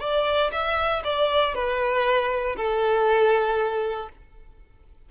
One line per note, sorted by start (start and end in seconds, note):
0.00 0.51 D5
0.52 1.03 E5
1.04 1.54 D5
1.54 2.56 B4
2.56 4.09 A4